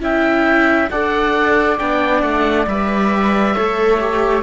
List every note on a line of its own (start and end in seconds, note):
0.00 0.89 C#4
0.00 0.88 E4
0.00 0.90 E5
0.00 0.90 G5
0.90 1.79 D4
0.90 1.78 A4
0.90 3.54 D5
0.90 1.77 F#5
1.77 2.22 B3
1.77 2.67 D4
1.77 2.21 G5
2.21 2.66 A3
2.21 2.65 F#5
2.67 3.55 G3
2.67 3.55 B4
2.67 4.42 E5
3.54 4.42 A3
3.54 3.99 A4
3.54 4.42 C#5
3.99 4.42 G4